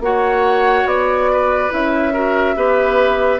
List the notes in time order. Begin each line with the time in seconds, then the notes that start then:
0.00 A#3 F#4 C#5 F#5
0.85 B3 D5
1.32 B4
1.70 C#4 E4 E5
2.13 F#4 A#4
2.56 B3 G4 B4